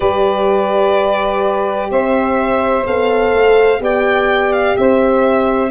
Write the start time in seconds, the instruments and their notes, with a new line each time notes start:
0.00 tuba G3, horn G4, saxophone B4, violin D5
1.90 tuba C4, saxophone C5, violin E5
2.86 tuba B3, horn A4, violin F5
3.33 tuba A3
3.80 tuba B3, horn G4, saxophone D5, violin G5
4.52 violin F5
4.76 tuba C4, saxophone C5, violin E5